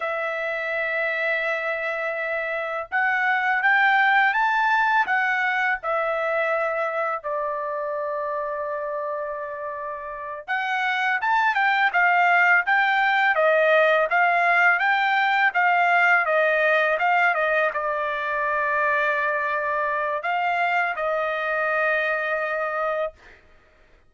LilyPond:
\new Staff \with { instrumentName = "trumpet" } { \time 4/4 \tempo 4 = 83 e''1 | fis''4 g''4 a''4 fis''4 | e''2 d''2~ | d''2~ d''8 fis''4 a''8 |
g''8 f''4 g''4 dis''4 f''8~ | f''8 g''4 f''4 dis''4 f''8 | dis''8 d''2.~ d''8 | f''4 dis''2. | }